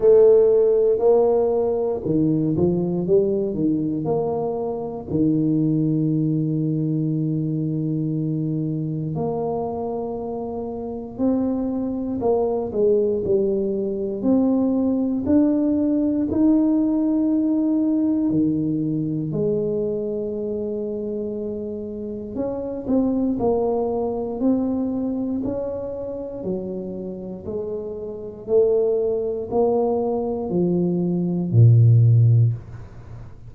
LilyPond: \new Staff \with { instrumentName = "tuba" } { \time 4/4 \tempo 4 = 59 a4 ais4 dis8 f8 g8 dis8 | ais4 dis2.~ | dis4 ais2 c'4 | ais8 gis8 g4 c'4 d'4 |
dis'2 dis4 gis4~ | gis2 cis'8 c'8 ais4 | c'4 cis'4 fis4 gis4 | a4 ais4 f4 ais,4 | }